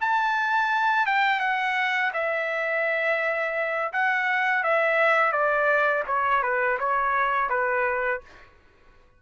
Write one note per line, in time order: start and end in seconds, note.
0.00 1.06 A5
1.06 1.40 G5
1.40 2.11 F#5
2.13 3.92 E5
3.92 4.63 F#5
4.63 5.32 E5
5.32 6.03 D5
6.06 6.42 C#5
6.42 6.78 B4
6.79 7.49 C#5
7.49 8.20 B4